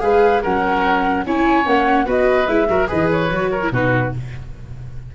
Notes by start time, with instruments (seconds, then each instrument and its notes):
0.00 tuba G#3, viola G#4, oboe B4, flute F5
0.42 tuba F#3, viola C#4, oboe A#4, flute F#5
1.26 tuba C#4, viola E4, oboe C#5, flute G#5
1.64 tuba A#3, viola C#4, flute F#5
2.05 tuba B3, viola F#4, oboe B4, flute D#5
2.47 tuba G#3, viola E4, flute E5
2.69 tuba F#3, viola F#4, oboe A#4
2.87 tuba E3, viola G#4, oboe B4, flute D#5
3.11 flute C#5
3.30 tuba F#3, viola F#4
3.51 oboe A#4
3.62 viola E4
3.71 tuba B2, viola D#4, oboe F#4, flute B4